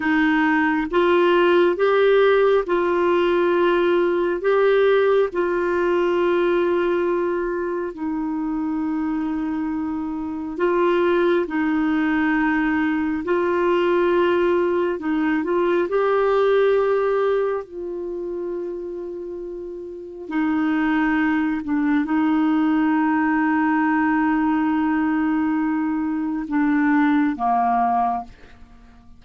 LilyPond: \new Staff \with { instrumentName = "clarinet" } { \time 4/4 \tempo 4 = 68 dis'4 f'4 g'4 f'4~ | f'4 g'4 f'2~ | f'4 dis'2. | f'4 dis'2 f'4~ |
f'4 dis'8 f'8 g'2 | f'2. dis'4~ | dis'8 d'8 dis'2.~ | dis'2 d'4 ais4 | }